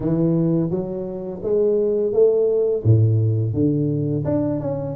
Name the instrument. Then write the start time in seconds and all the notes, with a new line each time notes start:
tuba
0.00 E3
0.70 F#3
1.42 G#3
2.12 A3
2.83 A2
3.53 D3
4.24 D4
4.60 C#4